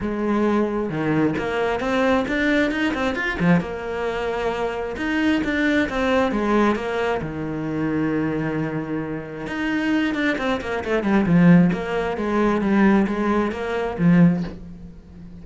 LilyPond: \new Staff \with { instrumentName = "cello" } { \time 4/4 \tempo 4 = 133 gis2 dis4 ais4 | c'4 d'4 dis'8 c'8 f'8 f8 | ais2. dis'4 | d'4 c'4 gis4 ais4 |
dis1~ | dis4 dis'4. d'8 c'8 ais8 | a8 g8 f4 ais4 gis4 | g4 gis4 ais4 f4 | }